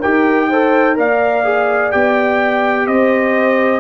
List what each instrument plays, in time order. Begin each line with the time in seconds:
0.00 tuba D#4, trombone G4, horn A#4, trumpet G5
0.49 trombone A4, horn C5
0.96 tuba A#3, trombone A#4, horn D5, trumpet F5
1.44 trombone G#4
1.91 tuba B3, trombone G4, trumpet G5
2.87 tuba C4, horn C5, trumpet D#5